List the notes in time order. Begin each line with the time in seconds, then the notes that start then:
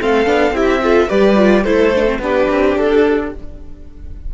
0.00 A3 C4 A4 F5
0.26 B3 D4
0.51 C4 E4 G4 E5
0.82 F4 A4
1.08 G3 G4 B4 D5
1.36 F4
1.63 A3 E4 A4 C5
1.95 D4
2.06 C4
2.19 B3 D4 G4 B4
2.50 C4
2.77 D4 A4